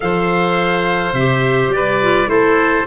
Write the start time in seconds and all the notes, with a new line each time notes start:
0.00 F3 A4 C5 F5
1.13 C3 G4 E5
1.68 G3 D5
1.75 B4
2.01 F4
2.26 A3 E4 A4 C5